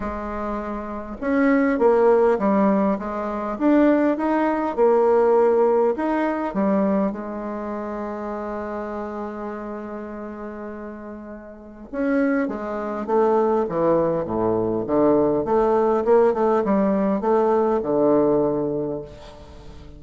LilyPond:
\new Staff \with { instrumentName = "bassoon" } { \time 4/4 \tempo 4 = 101 gis2 cis'4 ais4 | g4 gis4 d'4 dis'4 | ais2 dis'4 g4 | gis1~ |
gis1 | cis'4 gis4 a4 e4 | a,4 d4 a4 ais8 a8 | g4 a4 d2 | }